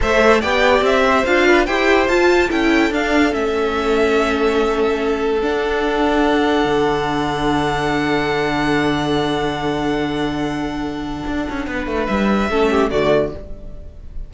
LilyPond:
<<
  \new Staff \with { instrumentName = "violin" } { \time 4/4 \tempo 4 = 144 e''4 g''4 e''4 f''4 | g''4 a''4 g''4 f''4 | e''1~ | e''4 fis''2.~ |
fis''1~ | fis''1~ | fis''1~ | fis''4 e''2 d''4 | }
  \new Staff \with { instrumentName = "violin" } { \time 4/4 c''4 d''4. c''4 b'8 | c''2 a'2~ | a'1~ | a'1~ |
a'1~ | a'1~ | a'1 | b'2 a'8 g'8 fis'4 | }
  \new Staff \with { instrumentName = "viola" } { \time 4/4 a'4 g'2 f'4 | g'4 f'4 e'4 d'4 | cis'1~ | cis'4 d'2.~ |
d'1~ | d'1~ | d'1~ | d'2 cis'4 a4 | }
  \new Staff \with { instrumentName = "cello" } { \time 4/4 a4 b4 c'4 d'4 | e'4 f'4 cis'4 d'4 | a1~ | a4 d'2. |
d1~ | d1~ | d2. d'8 cis'8 | b8 a8 g4 a4 d4 | }
>>